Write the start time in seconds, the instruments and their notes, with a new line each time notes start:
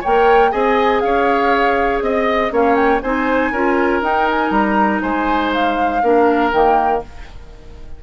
0.00 bassoon A#3, clarinet A#4, oboe C#5, flute G5
0.51 bassoon C4, clarinet G#4, oboe D#5, flute G#5
1.00 bassoon C#4, oboe C#5, flute F5
2.01 bassoon C4, flute D#5, oboe D#5
2.50 bassoon A#3, clarinet C#4, oboe C#5, flute F5
2.75 flute G5
3.02 bassoon C4, clarinet D#4, oboe C5, flute G#5
3.51 bassoon C#4, clarinet F4, oboe A#4
4.01 bassoon D#4, clarinet D#4, flute G5
4.30 flute G#5
4.50 bassoon G3, flute A#5
5.02 bassoon G#3, oboe C5, flute G#5
5.53 flute F5
6.02 bassoon A#3, clarinet D4, oboe A#4
6.52 bassoon D#3, clarinet A#3, flute G5